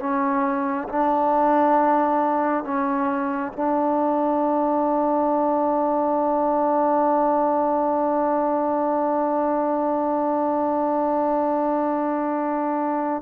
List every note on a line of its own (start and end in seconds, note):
0.00 0.88 C#4
0.89 2.64 D4
2.64 3.53 C#4
3.53 13.23 D4